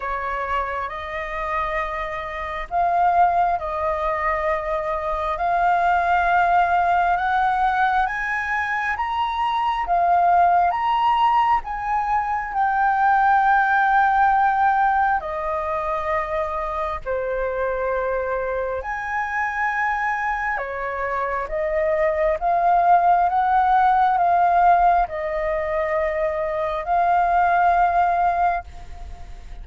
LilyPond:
\new Staff \with { instrumentName = "flute" } { \time 4/4 \tempo 4 = 67 cis''4 dis''2 f''4 | dis''2 f''2 | fis''4 gis''4 ais''4 f''4 | ais''4 gis''4 g''2~ |
g''4 dis''2 c''4~ | c''4 gis''2 cis''4 | dis''4 f''4 fis''4 f''4 | dis''2 f''2 | }